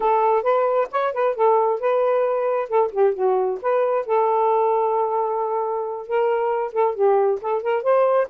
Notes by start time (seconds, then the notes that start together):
0.00 A4
0.43 B4
0.91 C#5
1.13 B4
1.35 A4
1.80 B4
2.68 A4
2.91 G4
3.13 F#4
3.61 B4
4.06 A4
6.07 A#4
6.72 A4
6.94 G4
7.41 A4
7.62 A#4
7.83 C5